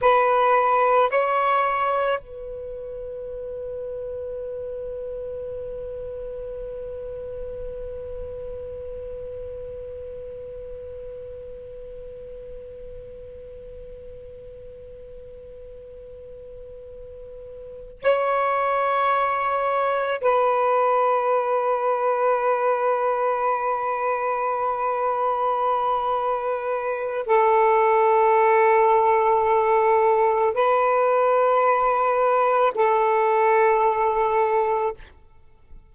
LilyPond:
\new Staff \with { instrumentName = "saxophone" } { \time 4/4 \tempo 4 = 55 b'4 cis''4 b'2~ | b'1~ | b'1~ | b'1~ |
b'8 cis''2 b'4.~ | b'1~ | b'4 a'2. | b'2 a'2 | }